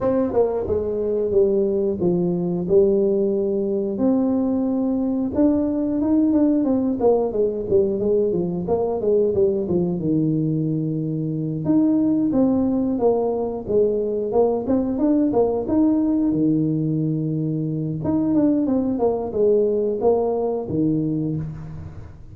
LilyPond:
\new Staff \with { instrumentName = "tuba" } { \time 4/4 \tempo 4 = 90 c'8 ais8 gis4 g4 f4 | g2 c'2 | d'4 dis'8 d'8 c'8 ais8 gis8 g8 | gis8 f8 ais8 gis8 g8 f8 dis4~ |
dis4. dis'4 c'4 ais8~ | ais8 gis4 ais8 c'8 d'8 ais8 dis'8~ | dis'8 dis2~ dis8 dis'8 d'8 | c'8 ais8 gis4 ais4 dis4 | }